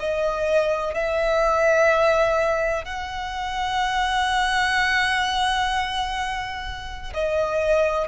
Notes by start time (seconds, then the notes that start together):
0.00 D#5
0.95 E5
2.85 F#5
7.14 D#5